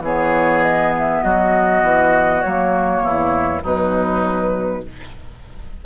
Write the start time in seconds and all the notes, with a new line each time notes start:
0.00 E3 B3 G#4 C#5
0.63 D#5
0.98 E5
1.23 F#3 F#4 D#5
1.82 E3
2.42 F#3 A#3 C#5
3.01 E2 E4
3.62 B2 F#3 D#4 B4